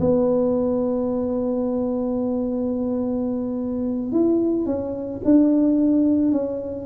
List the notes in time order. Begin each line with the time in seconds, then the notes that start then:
0.00 B3
4.12 E4
4.66 C#4
5.24 D4
6.32 C#4